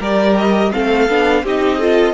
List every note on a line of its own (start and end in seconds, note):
0.00 0.72 G3
0.00 0.73 G4
0.00 0.72 A#4
0.00 0.38 D5
0.38 0.73 D#5
0.73 1.09 A3
0.73 1.09 C4
0.73 1.44 A4
0.73 1.45 F5
1.09 1.43 B3
1.09 1.46 D4
1.43 2.14 C4
1.43 1.82 D#4
1.43 1.79 G4
1.43 2.14 D#5
1.79 2.14 F4
1.79 2.14 A4